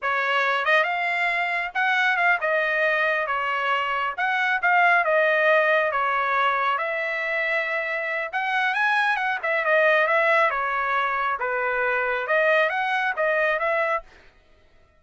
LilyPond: \new Staff \with { instrumentName = "trumpet" } { \time 4/4 \tempo 4 = 137 cis''4. dis''8 f''2 | fis''4 f''8 dis''2 cis''8~ | cis''4. fis''4 f''4 dis''8~ | dis''4. cis''2 e''8~ |
e''2. fis''4 | gis''4 fis''8 e''8 dis''4 e''4 | cis''2 b'2 | dis''4 fis''4 dis''4 e''4 | }